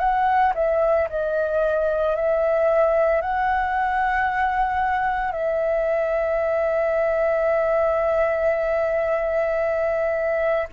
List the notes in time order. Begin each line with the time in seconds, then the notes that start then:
0.00 F#5
0.55 E5
1.10 D#5
2.16 E5
3.22 F#5
5.32 E5